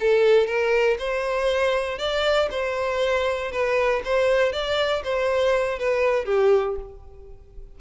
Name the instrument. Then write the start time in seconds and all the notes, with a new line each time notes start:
violin
0.00 A4
0.47 A#4
0.99 C5
1.98 D5
2.51 C5
3.52 B4
4.05 C5
4.52 D5
5.04 C5
5.79 B4
6.25 G4